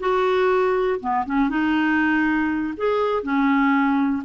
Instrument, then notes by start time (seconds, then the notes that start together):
clarinet
0.00 F#4
1.00 B3
1.26 C#4
1.50 D#4
2.77 G#4
3.23 C#4